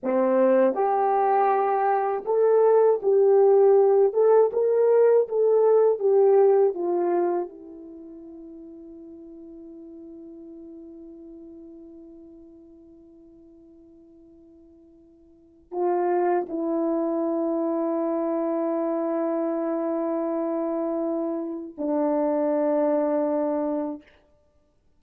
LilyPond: \new Staff \with { instrumentName = "horn" } { \time 4/4 \tempo 4 = 80 c'4 g'2 a'4 | g'4. a'8 ais'4 a'4 | g'4 f'4 e'2~ | e'1~ |
e'1~ | e'4 f'4 e'2~ | e'1~ | e'4 d'2. | }